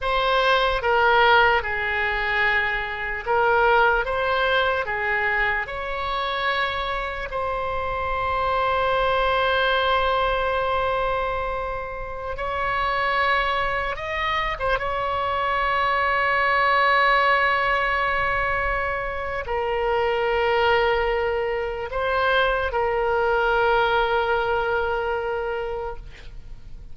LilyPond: \new Staff \with { instrumentName = "oboe" } { \time 4/4 \tempo 4 = 74 c''4 ais'4 gis'2 | ais'4 c''4 gis'4 cis''4~ | cis''4 c''2.~ | c''2.~ c''16 cis''8.~ |
cis''4~ cis''16 dis''8. c''16 cis''4.~ cis''16~ | cis''1 | ais'2. c''4 | ais'1 | }